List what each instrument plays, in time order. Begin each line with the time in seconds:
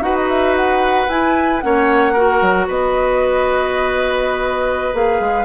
0.00 bassoon D#4, clarinet F#4, oboe B4, flute F#5
0.15 flute D#5
0.29 flute E5
0.56 flute F#5
1.09 bassoon E4, clarinet E4, flute G#5
1.61 bassoon A#3, clarinet C#4, oboe C#5, flute F#5
2.13 clarinet F#4, oboe A#4
2.41 bassoon F#3
2.68 bassoon B3, oboe B4, flute D#5
4.93 bassoon A#3, clarinet G#4, flute F5
5.20 bassoon G#3